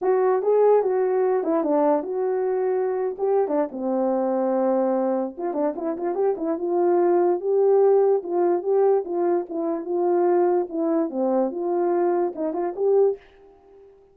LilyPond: \new Staff \with { instrumentName = "horn" } { \time 4/4 \tempo 4 = 146 fis'4 gis'4 fis'4. e'8 | d'4 fis'2~ fis'8. g'16~ | g'8 d'8 c'2.~ | c'4 f'8 d'8 e'8 f'8 g'8 e'8 |
f'2 g'2 | f'4 g'4 f'4 e'4 | f'2 e'4 c'4 | f'2 dis'8 f'8 g'4 | }